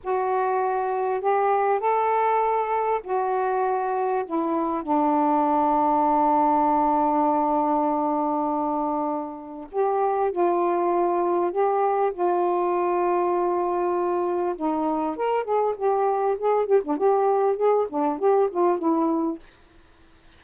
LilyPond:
\new Staff \with { instrumentName = "saxophone" } { \time 4/4 \tempo 4 = 99 fis'2 g'4 a'4~ | a'4 fis'2 e'4 | d'1~ | d'1 |
g'4 f'2 g'4 | f'1 | dis'4 ais'8 gis'8 g'4 gis'8 g'16 d'16 | g'4 gis'8 d'8 g'8 f'8 e'4 | }